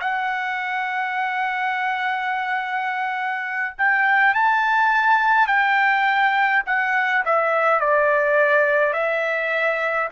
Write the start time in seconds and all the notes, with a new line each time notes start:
0.00 F#5
3.78 G5
4.34 A5
5.47 G5
6.66 F#5
7.25 E5
7.80 D5
8.93 E5